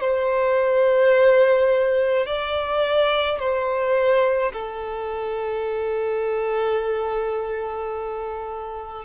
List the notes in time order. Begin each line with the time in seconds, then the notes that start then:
0.00 C5
2.26 D5
3.39 C5
4.52 A4